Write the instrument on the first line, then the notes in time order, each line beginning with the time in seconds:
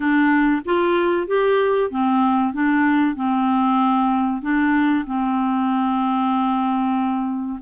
clarinet
0.00 D4
0.65 F4
1.27 G4
1.90 C4
2.53 D4
3.15 C4
4.42 D4
5.06 C4